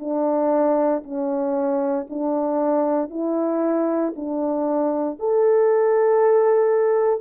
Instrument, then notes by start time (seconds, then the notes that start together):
horn
0.00 D4
1.03 C#4
2.10 D4
3.10 E4
4.16 D4
5.19 A4